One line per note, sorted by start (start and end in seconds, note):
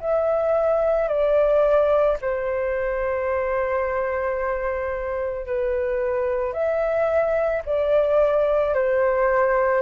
0.00 1.08 E5
1.08 2.17 D5
2.21 5.46 C5
5.46 6.53 B4
6.53 7.62 E5
7.65 8.74 D5
8.74 9.81 C5